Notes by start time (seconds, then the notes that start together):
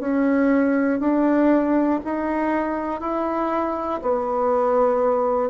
0.00 C#4
1.00 D4
2.05 D#4
3.01 E4
4.02 B3